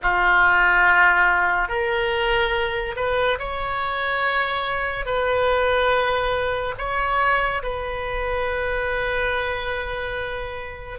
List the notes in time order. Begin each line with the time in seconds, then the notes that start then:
0.02 F4
1.68 A#4
2.96 B4
3.38 C#5
5.05 B4
6.78 C#5
7.62 B4